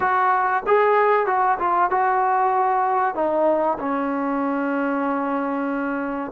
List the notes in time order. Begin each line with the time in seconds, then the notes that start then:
0.00 F#4
0.66 G#4
1.26 F#4
1.58 F4
1.90 F#4
3.14 D#4
3.79 C#4